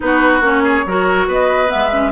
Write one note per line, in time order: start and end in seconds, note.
0.00 0.40 B3
0.00 0.41 D#4
0.00 0.63 F#4
0.00 0.43 B4
0.40 0.83 A#3
0.40 0.84 C#4
0.40 1.30 C#5
0.63 0.85 G#4
0.86 1.27 F#3
0.86 1.67 F#4
0.86 1.27 A#4
1.27 1.70 B3
1.27 2.12 B4
1.27 1.70 D#5
1.67 1.89 B3
1.67 2.12 E5
1.74 2.12 G#3
1.92 2.12 C#4